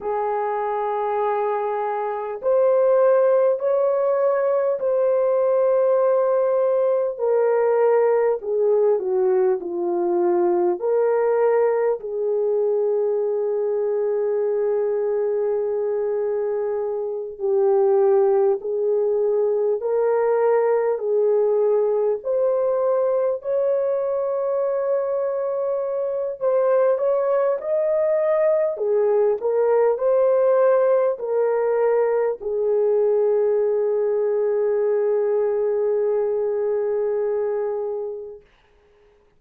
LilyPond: \new Staff \with { instrumentName = "horn" } { \time 4/4 \tempo 4 = 50 gis'2 c''4 cis''4 | c''2 ais'4 gis'8 fis'8 | f'4 ais'4 gis'2~ | gis'2~ gis'8 g'4 gis'8~ |
gis'8 ais'4 gis'4 c''4 cis''8~ | cis''2 c''8 cis''8 dis''4 | gis'8 ais'8 c''4 ais'4 gis'4~ | gis'1 | }